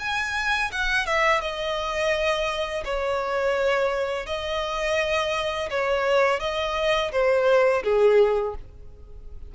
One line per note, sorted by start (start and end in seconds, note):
0.00 0.71 G#5
0.72 1.06 F#5
1.06 1.42 E5
1.42 2.84 D#5
2.85 4.27 C#5
4.27 5.70 D#5
5.71 6.40 C#5
6.40 7.12 D#5
7.12 7.83 C5
7.84 8.55 G#4